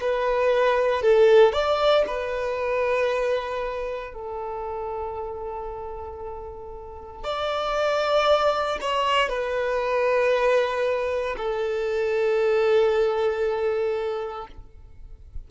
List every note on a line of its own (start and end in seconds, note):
0.00 1.02 B4
1.02 1.52 A4
1.52 2.04 D5
2.06 4.13 B4
4.13 7.23 A4
7.23 8.78 D5
8.81 9.29 C#5
9.29 11.36 B4
11.37 14.47 A4